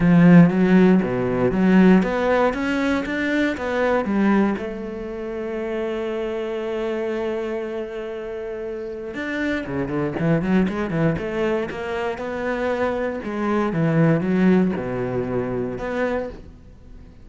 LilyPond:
\new Staff \with { instrumentName = "cello" } { \time 4/4 \tempo 4 = 118 f4 fis4 b,4 fis4 | b4 cis'4 d'4 b4 | g4 a2.~ | a1~ |
a2 d'4 cis8 d8 | e8 fis8 gis8 e8 a4 ais4 | b2 gis4 e4 | fis4 b,2 b4 | }